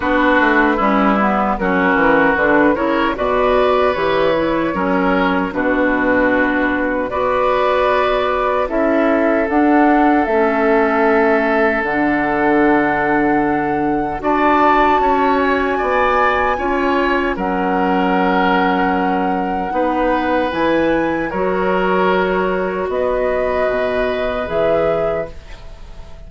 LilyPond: <<
  \new Staff \with { instrumentName = "flute" } { \time 4/4 \tempo 4 = 76 b'2 ais'4 b'8 cis''8 | d''4 cis''2 b'4~ | b'4 d''2 e''4 | fis''4 e''2 fis''4~ |
fis''2 a''4. gis''8~ | gis''2 fis''2~ | fis''2 gis''4 cis''4~ | cis''4 dis''2 e''4 | }
  \new Staff \with { instrumentName = "oboe" } { \time 4/4 fis'4 e'4 fis'4. ais'8 | b'2 ais'4 fis'4~ | fis'4 b'2 a'4~ | a'1~ |
a'2 d''4 cis''4 | d''4 cis''4 ais'2~ | ais'4 b'2 ais'4~ | ais'4 b'2. | }
  \new Staff \with { instrumentName = "clarinet" } { \time 4/4 d'4 cis'8 b8 cis'4 d'8 e'8 | fis'4 g'8 e'8 cis'4 d'4~ | d'4 fis'2 e'4 | d'4 cis'2 d'4~ |
d'2 fis'2~ | fis'4 f'4 cis'2~ | cis'4 dis'4 e'4 fis'4~ | fis'2. gis'4 | }
  \new Staff \with { instrumentName = "bassoon" } { \time 4/4 b8 a8 g4 fis8 e8 d8 cis8 | b,4 e4 fis4 b,4~ | b,4 b2 cis'4 | d'4 a2 d4~ |
d2 d'4 cis'4 | b4 cis'4 fis2~ | fis4 b4 e4 fis4~ | fis4 b4 b,4 e4 | }
>>